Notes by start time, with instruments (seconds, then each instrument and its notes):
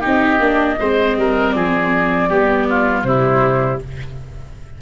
0.00 tuba C4, viola D#4, oboe G4, flute D#5
0.39 tuba A#3, viola D4
0.79 tuba G#3, viola C4, oboe C5
1.16 tuba G3, oboe A#4
1.51 tuba F3, oboe G#4, flute D5
2.29 tuba G3, viola B3, oboe G4
2.69 oboe F4
3.03 tuba C3, viola G3, oboe E4, flute C5